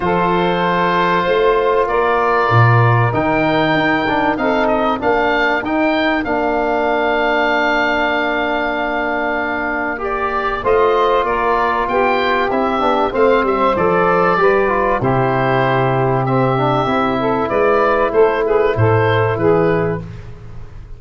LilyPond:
<<
  \new Staff \with { instrumentName = "oboe" } { \time 4/4 \tempo 4 = 96 c''2. d''4~ | d''4 g''2 f''8 dis''8 | f''4 g''4 f''2~ | f''1 |
d''4 dis''4 d''4 g''4 | e''4 f''8 e''8 d''2 | c''2 e''2 | d''4 c''8 b'8 c''4 b'4 | }
  \new Staff \with { instrumentName = "saxophone" } { \time 4/4 a'2 c''4 ais'4~ | ais'2. a'4 | ais'1~ | ais'1~ |
ais'4 c''4 ais'4 g'4~ | g'4 c''2 b'4 | g'2.~ g'8 a'8 | b'4 a'8 gis'8 a'4 gis'4 | }
  \new Staff \with { instrumentName = "trombone" } { \time 4/4 f'1~ | f'4 dis'4. d'8 dis'4 | d'4 dis'4 d'2~ | d'1 |
g'4 f'2. | e'8 d'8 c'4 a'4 g'8 f'8 | e'2 c'8 d'8 e'4~ | e'1 | }
  \new Staff \with { instrumentName = "tuba" } { \time 4/4 f2 a4 ais4 | ais,4 dis4 dis'4 c'4 | ais4 dis'4 ais2~ | ais1~ |
ais4 a4 ais4 b4 | c'8 b8 a8 g8 f4 g4 | c2. c'4 | gis4 a4 a,4 e4 | }
>>